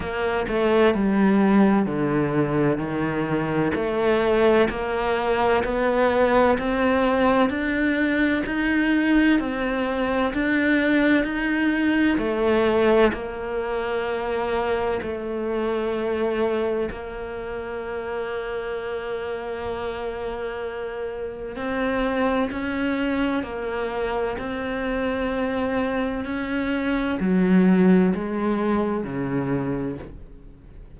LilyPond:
\new Staff \with { instrumentName = "cello" } { \time 4/4 \tempo 4 = 64 ais8 a8 g4 d4 dis4 | a4 ais4 b4 c'4 | d'4 dis'4 c'4 d'4 | dis'4 a4 ais2 |
a2 ais2~ | ais2. c'4 | cis'4 ais4 c'2 | cis'4 fis4 gis4 cis4 | }